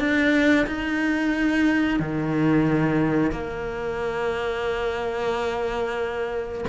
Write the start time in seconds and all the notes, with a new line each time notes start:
0.00 D4
0.67 D#4
2.00 D#3
3.32 A#3